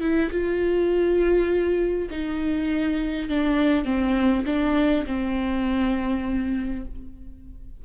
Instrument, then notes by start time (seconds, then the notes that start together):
viola
0.00 E4
0.31 F4
2.10 D#4
3.29 D4
3.85 C4
4.46 D4
5.06 C4